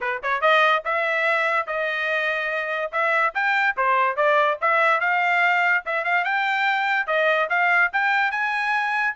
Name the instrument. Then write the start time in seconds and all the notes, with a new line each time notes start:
trumpet
0.00 B4
0.23 C#5
0.41 D#5
0.84 E5
1.66 D#5
2.91 E5
3.34 G5
3.77 C5
4.16 D5
4.61 E5
5.00 F5
5.85 E5
6.04 F5
6.24 G5
7.07 D#5
7.49 F5
7.93 G5
8.31 G#5